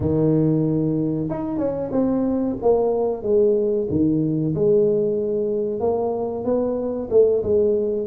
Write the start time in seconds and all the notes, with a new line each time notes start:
0.00 D#3
1.30 D#4
1.58 C#4
1.91 C4
2.61 A#3
3.23 G#3
3.89 D#3
4.55 G#3
5.79 A#3
6.44 B3
7.10 A3
7.43 G#3